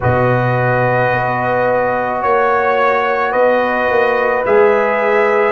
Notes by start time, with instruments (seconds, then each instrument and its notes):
0.00 tuba B2, trombone F#4, horn B4, trumpet D#5
1.12 tuba B3
2.20 tuba A#3, horn C#5, trumpet C#5
3.31 tuba B3, horn B4, trumpet D#5
3.89 tuba A#3
4.45 tuba G#3, trombone G#4, trumpet E5